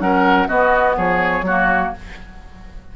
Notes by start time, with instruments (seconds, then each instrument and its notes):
0.00 bassoon F#3, clarinet C#4, oboe A#4, flute F#5
0.48 clarinet B3, bassoon B3, oboe F#4, flute D#5
0.97 bassoon F3, oboe G#4, flute C#5
1.42 bassoon F#3, clarinet A#3, oboe F#4